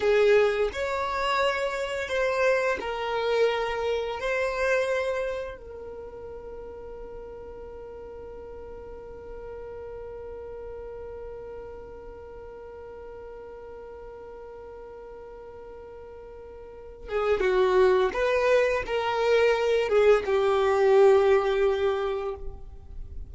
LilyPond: \new Staff \with { instrumentName = "violin" } { \time 4/4 \tempo 4 = 86 gis'4 cis''2 c''4 | ais'2 c''2 | ais'1~ | ais'1~ |
ais'1~ | ais'1~ | ais'8 gis'8 fis'4 b'4 ais'4~ | ais'8 gis'8 g'2. | }